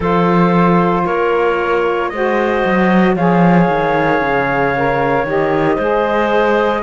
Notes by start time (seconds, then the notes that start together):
0.00 F3 F4 A4 C5
1.04 A#3 A#4 C#5
2.09 G#3 F#4 C5 D#5
2.65 F#3
3.15 F3 G#4 C#5 F5
3.68 D#3
4.20 C#3
4.76 A#4
5.24 D#3 G4 D#5
5.75 G#3 G#4 C5